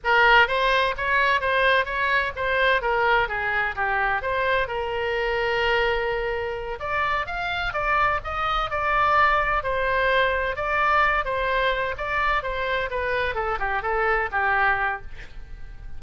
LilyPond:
\new Staff \with { instrumentName = "oboe" } { \time 4/4 \tempo 4 = 128 ais'4 c''4 cis''4 c''4 | cis''4 c''4 ais'4 gis'4 | g'4 c''4 ais'2~ | ais'2~ ais'8 d''4 f''8~ |
f''8 d''4 dis''4 d''4.~ | d''8 c''2 d''4. | c''4. d''4 c''4 b'8~ | b'8 a'8 g'8 a'4 g'4. | }